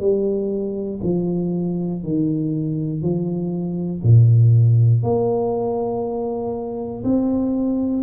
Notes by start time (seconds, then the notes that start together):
0.00 G3
1.03 F3
2.03 D#3
3.03 F3
4.03 A#2
5.04 A#3
7.04 C4